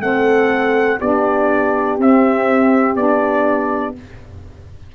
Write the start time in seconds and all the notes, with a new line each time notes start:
0.00 A3 C4 A4 F#5
1.00 B3 D4 G4 D5
1.98 C4 E5
2.96 B3 D4 D5